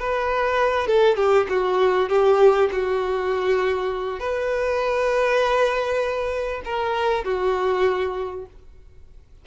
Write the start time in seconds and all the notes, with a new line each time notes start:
0.00 B4
0.88 A4
1.17 G4
1.50 F#4
2.10 G4
2.72 F#4
4.20 B4
6.66 A#4
7.25 F#4